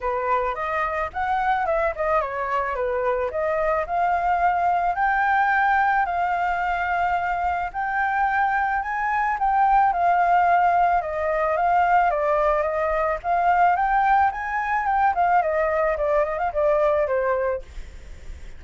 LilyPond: \new Staff \with { instrumentName = "flute" } { \time 4/4 \tempo 4 = 109 b'4 dis''4 fis''4 e''8 dis''8 | cis''4 b'4 dis''4 f''4~ | f''4 g''2 f''4~ | f''2 g''2 |
gis''4 g''4 f''2 | dis''4 f''4 d''4 dis''4 | f''4 g''4 gis''4 g''8 f''8 | dis''4 d''8 dis''16 f''16 d''4 c''4 | }